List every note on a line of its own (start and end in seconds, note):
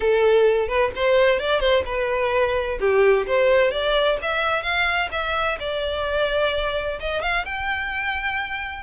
0.00 0.68 A4
0.68 0.91 B4
0.95 1.39 C5
1.39 1.59 D5
1.59 1.83 C5
1.85 2.78 B4
2.80 3.26 G4
3.26 3.71 C5
3.71 4.17 D5
4.22 4.62 E5
4.62 5.08 F5
5.11 5.58 E5
5.59 6.99 D5
7.00 7.22 D#5
7.22 7.45 F5
7.45 8.83 G5